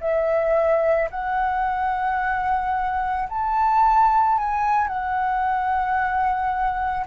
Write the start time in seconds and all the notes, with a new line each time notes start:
0.00 E5
1.10 F#5
3.29 A5
4.38 G#5
4.87 F#5